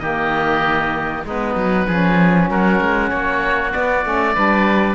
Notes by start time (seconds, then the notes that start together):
0.00 D#3 A#3 G4 D#5
1.25 G#3 B3 D#4 B4
1.56 F#3
1.87 F3 C#4 G#4
2.50 F#3 F#4 A#4
2.81 G#3
3.10 A#3 C#5
3.72 B3 D5
4.04 A3 C#4
4.35 G3 D4 B4